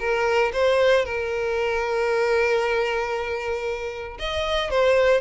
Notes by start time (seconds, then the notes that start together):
0.00 A#4
0.53 C5
1.06 A#4
4.20 D#5
4.71 C5